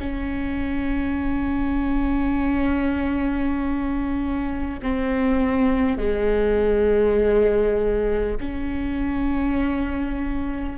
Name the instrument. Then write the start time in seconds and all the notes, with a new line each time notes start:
viola
0.00 C#4
4.82 C4
5.98 G#3
8.41 C#4